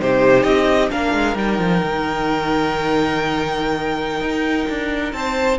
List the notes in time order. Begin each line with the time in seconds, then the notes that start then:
0.00 C3 D#4 G4 C5
0.43 C4 D#5
0.90 A#3 D4 A#4 F5
1.13 G#3
1.36 G3 D#4 G5
1.59 F3
1.84 D#3
4.21 D#4
4.70 D4
5.13 C4 C5 A5